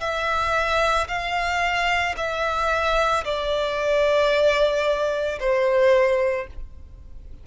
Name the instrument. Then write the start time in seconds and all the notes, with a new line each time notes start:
violin
0.00 E5
1.08 F5
2.17 E5
3.24 D5
5.40 C5